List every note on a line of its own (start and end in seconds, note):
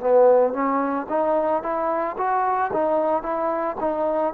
0.00 0.54 B3
0.54 1.07 C#4
1.09 1.63 D#4
1.63 2.16 E4
2.18 2.71 F#4
2.73 3.23 D#4
3.23 3.76 E4
3.80 4.34 D#4